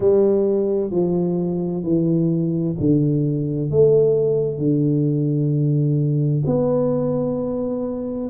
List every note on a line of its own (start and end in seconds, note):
0.00 0.90 G3
0.90 1.83 F3
1.83 2.75 E3
2.79 3.70 D3
3.70 4.58 A3
4.58 6.42 D3
6.46 8.29 B3